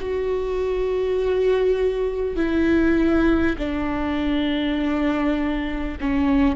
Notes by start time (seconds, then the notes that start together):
0.00 F#4
2.36 E4
3.58 D4
6.01 C#4